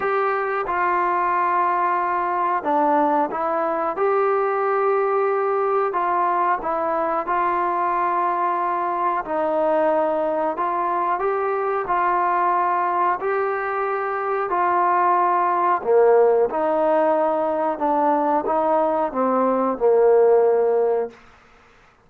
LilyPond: \new Staff \with { instrumentName = "trombone" } { \time 4/4 \tempo 4 = 91 g'4 f'2. | d'4 e'4 g'2~ | g'4 f'4 e'4 f'4~ | f'2 dis'2 |
f'4 g'4 f'2 | g'2 f'2 | ais4 dis'2 d'4 | dis'4 c'4 ais2 | }